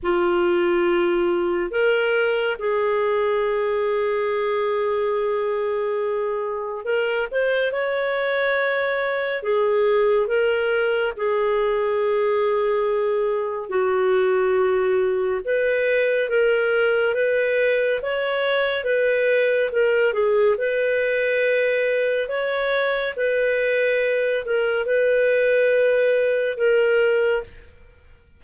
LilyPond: \new Staff \with { instrumentName = "clarinet" } { \time 4/4 \tempo 4 = 70 f'2 ais'4 gis'4~ | gis'1 | ais'8 c''8 cis''2 gis'4 | ais'4 gis'2. |
fis'2 b'4 ais'4 | b'4 cis''4 b'4 ais'8 gis'8 | b'2 cis''4 b'4~ | b'8 ais'8 b'2 ais'4 | }